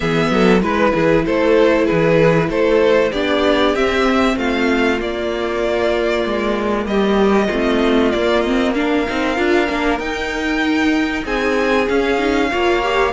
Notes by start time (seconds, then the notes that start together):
0.00 E3 B3 G#4 E5
0.31 F#3 A4
0.61 G#3 E4 B4
0.94 E3 G#4
1.25 A3 A4 C5
1.85 G#4 B4
1.91 E3
2.49 A3 A4 C5
3.11 B3 D4 G4 D5
3.74 C4 E5
4.36 A3 F4 F5
4.98 A#3 D5
6.25 G#3
6.85 G3 G4 D#5
7.47 A3 C4 F4
8.11 A#3 D5
8.41 C4 D#5
8.74 D4 A#4 F5
9.09 C4 D#4
9.36 D4 F4
9.68 A#3 D4
9.99 D#4 G5
11.24 C4 G#4 G#5
11.88 C#4 F5
12.18 D#4
12.51 A#3 F4 C#5
12.82 G4